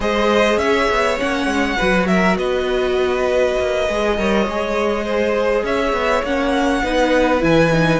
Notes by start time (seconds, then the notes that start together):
0.00 G#3 G#4 C5 D#5
0.57 C#4 C#5 E5
0.90 B3
1.17 A#3 C#4 F#5
1.46 G#3
1.76 F#3 F#4 B4
2.07 A#4 E5
2.36 B3 B4 D#5
3.59 A#3
3.88 G#3 G#4
4.17 G3 A#4 C#5
4.47 G#3 G#4
5.05 C5
5.63 C#4 C#5 E5
5.92 B3
6.23 A#3 C#4 F#5
6.83 B3 D#4 B4
7.40 E3 E4 G#5
7.72 D#4